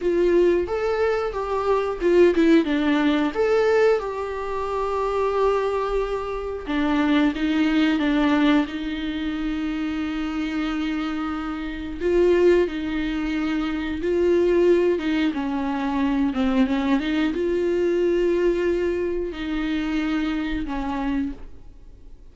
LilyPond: \new Staff \with { instrumentName = "viola" } { \time 4/4 \tempo 4 = 90 f'4 a'4 g'4 f'8 e'8 | d'4 a'4 g'2~ | g'2 d'4 dis'4 | d'4 dis'2.~ |
dis'2 f'4 dis'4~ | dis'4 f'4. dis'8 cis'4~ | cis'8 c'8 cis'8 dis'8 f'2~ | f'4 dis'2 cis'4 | }